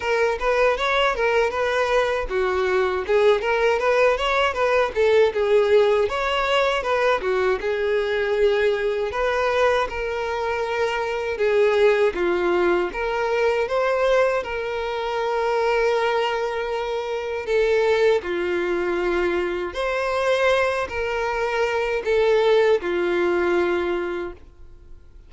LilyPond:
\new Staff \with { instrumentName = "violin" } { \time 4/4 \tempo 4 = 79 ais'8 b'8 cis''8 ais'8 b'4 fis'4 | gis'8 ais'8 b'8 cis''8 b'8 a'8 gis'4 | cis''4 b'8 fis'8 gis'2 | b'4 ais'2 gis'4 |
f'4 ais'4 c''4 ais'4~ | ais'2. a'4 | f'2 c''4. ais'8~ | ais'4 a'4 f'2 | }